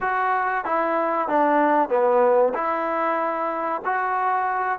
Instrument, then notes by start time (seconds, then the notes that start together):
trombone
0.01 F#4
0.64 E4
1.28 D4
1.89 B3
2.54 E4
3.84 F#4